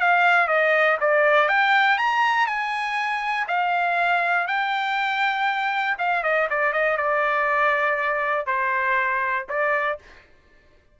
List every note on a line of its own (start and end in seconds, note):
0.00 0.47 F5
0.47 0.97 D#5
1.00 1.48 D5
1.48 1.98 G5
1.98 2.47 A#5
2.47 3.47 G#5
3.48 4.47 F5
4.47 5.97 G5
5.98 6.23 F5
6.23 6.48 D#5
6.50 6.73 D5
6.73 6.97 D#5
6.97 8.46 D5
8.46 9.46 C5
9.49 9.99 D5